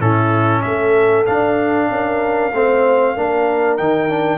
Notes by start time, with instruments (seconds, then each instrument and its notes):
0.00 tuba A2, trombone C#4, horn E4, trumpet A4
0.62 tuba A3, horn A4, trumpet E5
1.26 trombone D4, tuba D4, trumpet F5
1.90 tuba C#4, horn A#4
2.53 tuba A3, trombone C4, horn C5
3.16 tuba A#3, trombone D4, horn A#4
3.78 tuba D#3, trombone D#4, trumpet G5
4.09 trombone D4